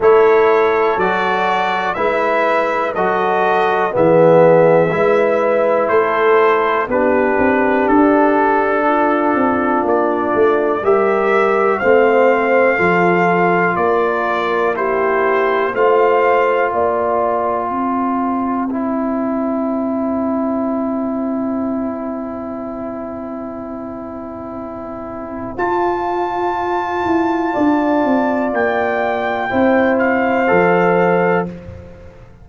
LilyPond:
<<
  \new Staff \with { instrumentName = "trumpet" } { \time 4/4 \tempo 4 = 61 cis''4 d''4 e''4 dis''4 | e''2 c''4 b'4 | a'2 d''4 e''4 | f''2 d''4 c''4 |
f''4 g''2.~ | g''1~ | g''2 a''2~ | a''4 g''4. f''4. | }
  \new Staff \with { instrumentName = "horn" } { \time 4/4 a'2 b'4 a'4 | gis'4 b'4 a'4 g'4~ | g'4 f'2 ais'4 | c''4 a'4 ais'4 g'4 |
c''4 d''4 c''2~ | c''1~ | c''1 | d''2 c''2 | }
  \new Staff \with { instrumentName = "trombone" } { \time 4/4 e'4 fis'4 e'4 fis'4 | b4 e'2 d'4~ | d'2. g'4 | c'4 f'2 e'4 |
f'2. e'4~ | e'1~ | e'2 f'2~ | f'2 e'4 a'4 | }
  \new Staff \with { instrumentName = "tuba" } { \time 4/4 a4 fis4 gis4 fis4 | e4 gis4 a4 b8 c'8 | d'4. c'8 ais8 a8 g4 | a4 f4 ais2 |
a4 ais4 c'2~ | c'1~ | c'2 f'4. e'8 | d'8 c'8 ais4 c'4 f4 | }
>>